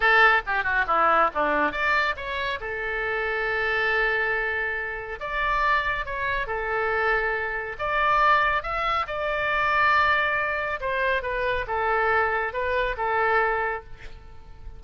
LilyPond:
\new Staff \with { instrumentName = "oboe" } { \time 4/4 \tempo 4 = 139 a'4 g'8 fis'8 e'4 d'4 | d''4 cis''4 a'2~ | a'1 | d''2 cis''4 a'4~ |
a'2 d''2 | e''4 d''2.~ | d''4 c''4 b'4 a'4~ | a'4 b'4 a'2 | }